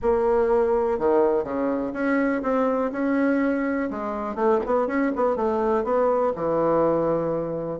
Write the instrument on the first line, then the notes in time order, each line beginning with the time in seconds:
bassoon
0.02 A#3
0.98 D#3
1.44 C#3
1.93 C#4
2.42 C4
2.92 C#4
3.90 G#3
4.35 A3
4.65 B3
4.87 C#4
5.15 B3
5.35 A3
5.83 B3
6.35 E3